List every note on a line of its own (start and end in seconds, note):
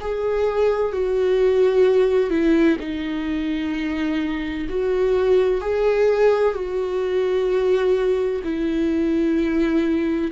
0.00 0.92 G#4
0.92 2.30 F#4
2.30 2.77 E4
2.80 4.67 D#4
4.69 5.61 F#4
5.61 6.54 G#4
6.54 8.41 F#4
8.44 10.31 E4